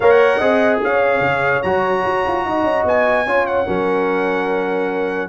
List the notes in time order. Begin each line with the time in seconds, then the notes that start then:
0.00 A#3 A#4 C#5 F#5
0.37 C4 G#4 D#5
0.83 C#4 C#5 F5
1.20 C#3
1.62 F#3 F#4 A#5
2.05 F#4
2.26 F4
2.44 D#4 D#5
2.63 C#4
2.84 B3 G#5
3.25 C#4 F4 C#5
3.46 F#5
3.66 F#3 C#4 A#4